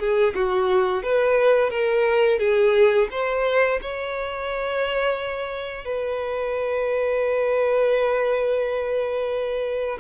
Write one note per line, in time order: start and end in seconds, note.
0.00 0.34 G#4
0.35 1.03 F#4
1.03 1.71 B4
1.71 2.39 A#4
2.39 3.08 G#4
3.11 3.80 C5
3.82 5.85 C#5
5.85 9.99 B4